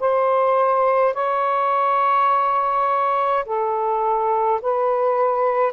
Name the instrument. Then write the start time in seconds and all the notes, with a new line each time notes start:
saxophone
0.00 C5
1.14 C#5
3.46 A4
4.62 B4